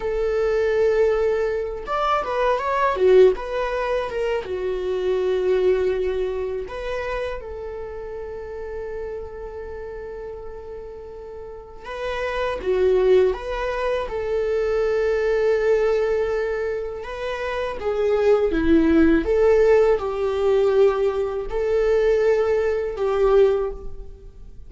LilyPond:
\new Staff \with { instrumentName = "viola" } { \time 4/4 \tempo 4 = 81 a'2~ a'8 d''8 b'8 cis''8 | fis'8 b'4 ais'8 fis'2~ | fis'4 b'4 a'2~ | a'1 |
b'4 fis'4 b'4 a'4~ | a'2. b'4 | gis'4 e'4 a'4 g'4~ | g'4 a'2 g'4 | }